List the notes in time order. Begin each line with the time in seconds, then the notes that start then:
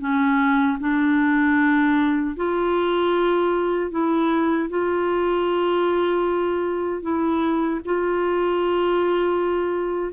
0.00 C#4
0.80 D4
2.37 F4
3.91 E4
4.70 F4
7.02 E4
7.86 F4